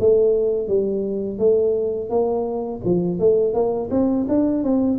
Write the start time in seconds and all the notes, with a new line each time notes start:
0.00 A3
0.68 G3
1.39 A3
2.10 A#3
2.85 F3
3.19 A3
3.54 A#3
3.91 C4
4.29 D4
4.63 C4